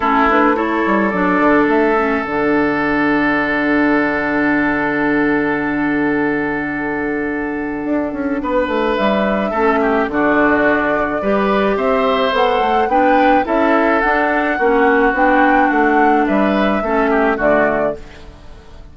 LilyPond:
<<
  \new Staff \with { instrumentName = "flute" } { \time 4/4 \tempo 4 = 107 a'8 b'8 cis''4 d''4 e''4 | fis''1~ | fis''1~ | fis''1 |
e''2 d''2~ | d''4 e''4 fis''4 g''4 | e''4 fis''2 g''4 | fis''4 e''2 d''4 | }
  \new Staff \with { instrumentName = "oboe" } { \time 4/4 e'4 a'2.~ | a'1~ | a'1~ | a'2. b'4~ |
b'4 a'8 g'8 fis'2 | b'4 c''2 b'4 | a'2 fis'2~ | fis'4 b'4 a'8 g'8 fis'4 | }
  \new Staff \with { instrumentName = "clarinet" } { \time 4/4 cis'8 d'8 e'4 d'4. cis'8 | d'1~ | d'1~ | d'1~ |
d'4 cis'4 d'2 | g'2 a'4 d'4 | e'4 d'4 cis'4 d'4~ | d'2 cis'4 a4 | }
  \new Staff \with { instrumentName = "bassoon" } { \time 4/4 a4. g8 fis8 d8 a4 | d1~ | d1~ | d2 d'8 cis'8 b8 a8 |
g4 a4 d2 | g4 c'4 b8 a8 b4 | cis'4 d'4 ais4 b4 | a4 g4 a4 d4 | }
>>